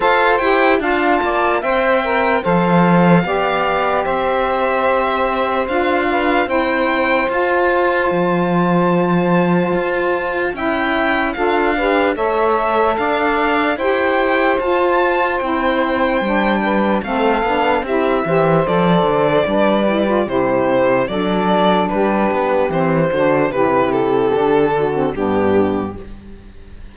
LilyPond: <<
  \new Staff \with { instrumentName = "violin" } { \time 4/4 \tempo 4 = 74 f''8 g''8 a''4 g''4 f''4~ | f''4 e''2 f''4 | g''4 a''2.~ | a''4 g''4 f''4 e''4 |
f''4 g''4 a''4 g''4~ | g''4 f''4 e''4 d''4~ | d''4 c''4 d''4 b'4 | c''4 b'8 a'4. g'4 | }
  \new Staff \with { instrumentName = "saxophone" } { \time 4/4 c''4 f''8 d''8 e''4 c''4 | d''4 c''2~ c''8 b'8 | c''1~ | c''4 e''4 a'8 b'8 cis''4 |
d''4 c''2.~ | c''8 b'8 a'4 g'8 c''4. | b'4 g'4 a'4 g'4~ | g'8 fis'8 g'4. fis'8 d'4 | }
  \new Staff \with { instrumentName = "saxophone" } { \time 4/4 a'8 g'8 f'4 c''8 ais'8 a'4 | g'2. f'4 | e'4 f'2.~ | f'4 e'4 f'8 g'8 a'4~ |
a'4 g'4 f'4 e'4 | d'4 c'8 d'8 e'8 g'8 a'4 | d'8 e'16 f'16 e'4 d'2 | c'8 d'8 e'4 d'8. c'16 b4 | }
  \new Staff \with { instrumentName = "cello" } { \time 4/4 f'8 e'8 d'8 ais8 c'4 f4 | b4 c'2 d'4 | c'4 f'4 f2 | f'4 cis'4 d'4 a4 |
d'4 e'4 f'4 c'4 | g4 a8 b8 c'8 e8 f8 d8 | g4 c4 fis4 g8 b8 | e8 d8 c4 d4 g,4 | }
>>